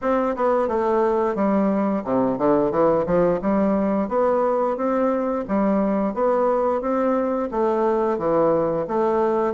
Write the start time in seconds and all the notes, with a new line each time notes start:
0.01 C4
0.36 B3
0.68 A3
1.35 G3
2.04 C3
2.37 D3
2.71 E3
3.06 F3
3.41 G3
4.08 B3
4.76 C4
5.48 G3
6.14 B3
6.81 C4
7.51 A3
8.18 E3
8.87 A3